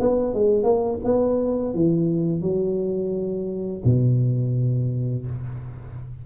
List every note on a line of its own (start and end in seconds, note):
0.00 0.34 B3
0.34 0.64 G#3
0.64 0.99 A#3
1.05 1.75 B3
1.75 2.42 E3
2.42 3.83 F#3
3.85 5.26 B2